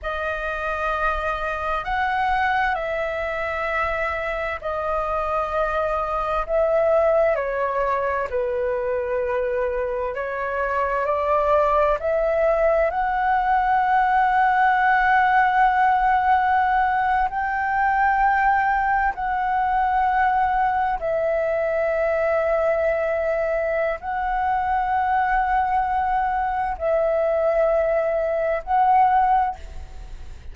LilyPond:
\new Staff \with { instrumentName = "flute" } { \time 4/4 \tempo 4 = 65 dis''2 fis''4 e''4~ | e''4 dis''2 e''4 | cis''4 b'2 cis''4 | d''4 e''4 fis''2~ |
fis''2~ fis''8. g''4~ g''16~ | g''8. fis''2 e''4~ e''16~ | e''2 fis''2~ | fis''4 e''2 fis''4 | }